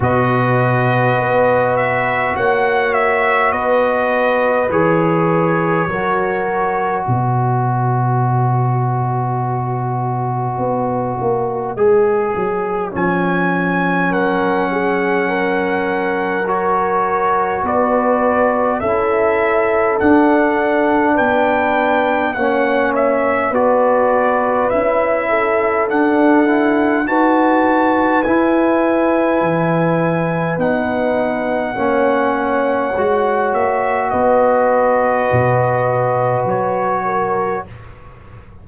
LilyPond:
<<
  \new Staff \with { instrumentName = "trumpet" } { \time 4/4 \tempo 4 = 51 dis''4. e''8 fis''8 e''8 dis''4 | cis''2 dis''2~ | dis''2. gis''4 | fis''2 cis''4 d''4 |
e''4 fis''4 g''4 fis''8 e''8 | d''4 e''4 fis''4 a''4 | gis''2 fis''2~ | fis''8 e''8 dis''2 cis''4 | }
  \new Staff \with { instrumentName = "horn" } { \time 4/4 b'2 cis''4 b'4~ | b'4 ais'4 b'2~ | b'1 | ais'8 gis'8 ais'2 b'4 |
a'2 b'4 cis''4 | b'4. a'4. b'4~ | b'2. cis''4~ | cis''4 b'2~ b'8 ais'8 | }
  \new Staff \with { instrumentName = "trombone" } { \time 4/4 fis'1 | gis'4 fis'2.~ | fis'2 gis'4 cis'4~ | cis'2 fis'2 |
e'4 d'2 cis'4 | fis'4 e'4 d'8 e'8 fis'4 | e'2 dis'4 cis'4 | fis'1 | }
  \new Staff \with { instrumentName = "tuba" } { \time 4/4 b,4 b4 ais4 b4 | e4 fis4 b,2~ | b,4 b8 ais8 gis8 fis8 f4 | fis2. b4 |
cis'4 d'4 b4 ais4 | b4 cis'4 d'4 dis'4 | e'4 e4 b4 ais4 | gis8 ais8 b4 b,4 fis4 | }
>>